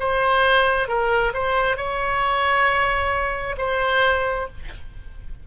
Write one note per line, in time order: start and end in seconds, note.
0.00 0.88 C5
0.88 1.33 A#4
1.34 1.77 C5
1.77 3.57 C#5
3.58 4.47 C5